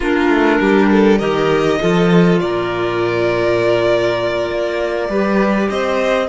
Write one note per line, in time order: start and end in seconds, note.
0.00 0.28 A#3
0.00 1.20 D4
0.00 0.58 F4
0.00 1.18 A#4
0.28 0.58 A3
0.60 1.20 G3
0.60 0.90 G4
0.91 1.19 A4
1.18 1.80 D#3
1.18 1.80 G4
1.18 1.79 A#4
1.18 2.38 D#5
1.80 2.40 F3
1.80 5.10 F4
1.80 2.41 A4
2.39 4.50 A#2
2.39 5.09 A#4
2.39 5.69 D5
4.50 5.08 A#3
5.08 5.68 G3
5.08 6.28 G4
5.08 5.69 B4
5.69 6.28 C4
5.69 6.28 C5
5.69 6.28 D#5